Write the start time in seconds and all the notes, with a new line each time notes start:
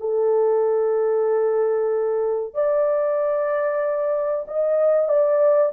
0.00 A4
2.54 D5
4.48 D#5
5.08 D5